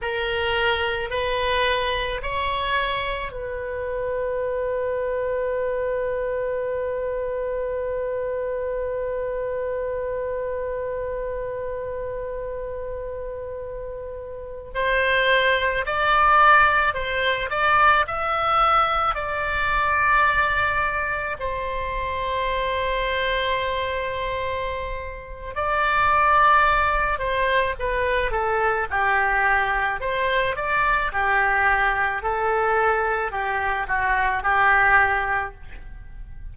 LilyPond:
\new Staff \with { instrumentName = "oboe" } { \time 4/4 \tempo 4 = 54 ais'4 b'4 cis''4 b'4~ | b'1~ | b'1~ | b'4~ b'16 c''4 d''4 c''8 d''16~ |
d''16 e''4 d''2 c''8.~ | c''2. d''4~ | d''8 c''8 b'8 a'8 g'4 c''8 d''8 | g'4 a'4 g'8 fis'8 g'4 | }